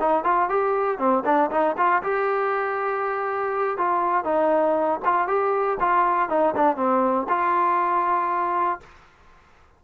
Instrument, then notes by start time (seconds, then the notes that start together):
trombone
0.00 D#4
0.24 F4
0.49 G4
0.98 C4
1.25 D4
1.51 D#4
1.77 F4
2.03 G4
3.78 F4
4.24 D#4
5.05 F4
5.28 G4
5.80 F4
6.29 D#4
6.56 D4
6.77 C4
7.29 F4